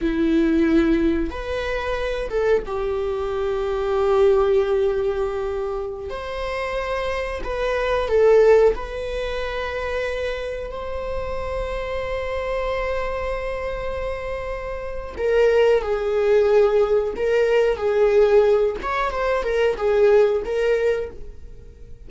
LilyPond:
\new Staff \with { instrumentName = "viola" } { \time 4/4 \tempo 4 = 91 e'2 b'4. a'8 | g'1~ | g'4~ g'16 c''2 b'8.~ | b'16 a'4 b'2~ b'8.~ |
b'16 c''2.~ c''8.~ | c''2. ais'4 | gis'2 ais'4 gis'4~ | gis'8 cis''8 c''8 ais'8 gis'4 ais'4 | }